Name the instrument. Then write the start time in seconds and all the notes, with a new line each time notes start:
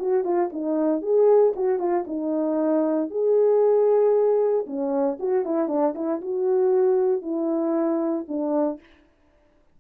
horn
0.00 F#4
0.24 F4
0.53 D#4
1.02 G#4
1.56 F#4
1.79 F4
2.08 D#4
3.11 G#4
4.67 C#4
5.20 F#4
5.45 E4
5.69 D4
5.96 E4
6.22 F#4
7.22 E4
8.29 D4